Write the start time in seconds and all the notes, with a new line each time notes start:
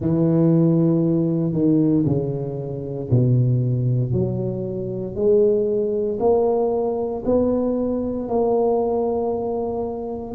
0.00 E3
1.52 D#3
2.05 C#3
3.10 B2
4.12 F#3
5.14 G#3
6.19 A#3
7.25 B3
8.29 A#3